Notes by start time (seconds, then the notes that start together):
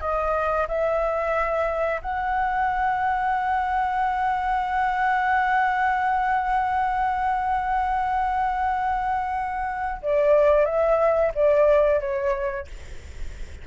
0.00 D#5
0.68 E5
2.02 F#5
10.02 D5
10.65 E5
11.35 D5
12.00 C#5